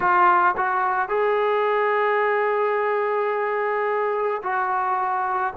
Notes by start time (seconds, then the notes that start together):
0.00 F4
0.56 F#4
1.08 G#4
4.42 F#4